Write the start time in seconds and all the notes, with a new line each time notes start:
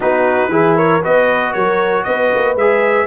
0.00 B3 D#4 F#4 B4
0.48 E3 E4 G#4
0.76 A#4 C#5
1.01 B3 F#4 B4 D#5
1.53 F#3 A#4 C#5
2.03 B3 B4 D#5
2.35 A#3
2.55 G#3 G#4 E5